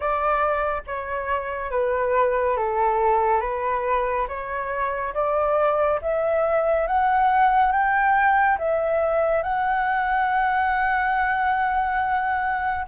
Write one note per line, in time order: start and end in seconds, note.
0.00 0.82 D5
0.86 1.71 C#5
1.71 2.56 B4
2.56 3.41 A4
3.41 4.26 B4
4.27 5.13 C#5
5.14 6.00 D5
6.01 6.86 E5
6.86 7.71 F#5
7.71 8.57 G5
8.58 9.42 E5
9.42 12.85 F#5